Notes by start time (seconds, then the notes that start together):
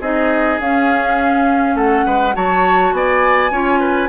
0.00 C4 D#4 G#4 D#5
0.59 C#4 F5
1.74 A3 A4 F#5
2.05 G#3 B4
2.33 F#3 F#4 C#5 A5
2.92 B3 D5 G#5
3.50 C#4 F4 C#5
3.79 B4